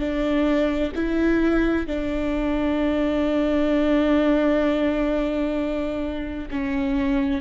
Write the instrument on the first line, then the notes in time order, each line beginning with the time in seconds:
viola
0.00 D4
0.95 E4
1.87 D4
6.51 C#4